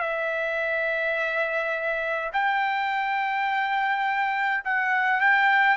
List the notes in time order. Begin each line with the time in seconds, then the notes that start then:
0.00 E5
2.33 G5
4.65 F#5
5.21 G5